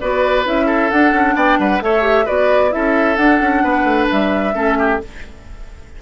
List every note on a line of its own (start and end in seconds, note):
0.00 0.46 B3
0.00 0.45 F#4
0.00 0.66 B4
0.00 0.45 D5
0.45 0.91 C#4
0.45 0.90 E4
0.45 0.91 E5
0.66 1.35 A4
0.91 1.12 D4
0.91 1.82 D4
0.91 1.36 F#5
1.12 1.35 C#4
1.35 1.58 B3
1.35 1.59 D5
1.35 1.59 G5
1.59 1.81 G3
1.59 1.83 B4
1.59 1.82 F#5
1.81 2.27 A3
1.81 2.02 A4
1.81 2.26 C#5
1.81 2.27 E5
2.02 2.24 G4
2.26 2.75 B3
2.26 2.70 F#4
2.26 2.71 B4
2.26 2.72 D5
2.70 3.17 C#4
2.70 3.16 E4
2.70 3.63 A4
2.70 3.16 E5
3.16 3.40 D4
3.16 4.53 D4
3.16 4.07 F#5
3.41 3.63 C#4
3.63 3.84 B3
3.63 4.54 B4
3.84 4.07 A3
4.11 4.55 G3
4.11 5.02 E5
4.53 5.00 A3
4.53 4.99 C#4
4.53 4.77 A4
4.79 5.01 G4